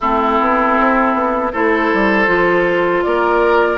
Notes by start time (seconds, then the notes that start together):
0.00 A3 C4 E4 A4
0.40 B3
0.79 C4
1.13 B3
1.52 A3 E4 A4 C5
1.93 G3
2.26 F3 F4
3.02 A#3 A#4 D5